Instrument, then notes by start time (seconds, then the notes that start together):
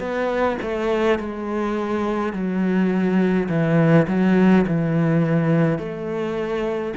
cello
0.00 B3
0.62 A3
1.20 G#3
2.33 F#3
3.49 E3
4.08 F#3
4.68 E3
5.79 A3